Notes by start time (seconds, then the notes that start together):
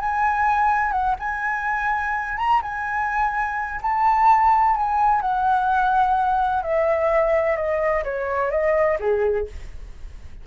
0.00 G#5
0.92 F#5
1.20 G#5
2.38 A#5
2.62 G#5
3.82 A5
4.76 G#5
5.21 F#5
6.63 E5
7.57 D#5
8.04 C#5
8.51 D#5
9.00 G#4